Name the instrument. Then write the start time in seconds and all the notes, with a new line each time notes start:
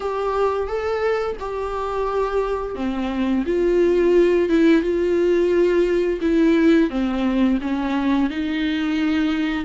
viola
0.00 G4
0.67 A4
1.39 G4
2.75 C4
3.45 F4
4.49 E4
4.82 F4
6.21 E4
6.90 C4
7.61 C#4
8.29 D#4